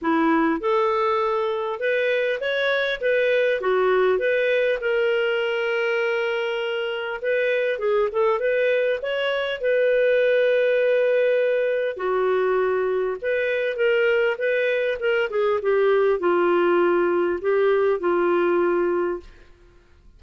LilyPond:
\new Staff \with { instrumentName = "clarinet" } { \time 4/4 \tempo 4 = 100 e'4 a'2 b'4 | cis''4 b'4 fis'4 b'4 | ais'1 | b'4 gis'8 a'8 b'4 cis''4 |
b'1 | fis'2 b'4 ais'4 | b'4 ais'8 gis'8 g'4 f'4~ | f'4 g'4 f'2 | }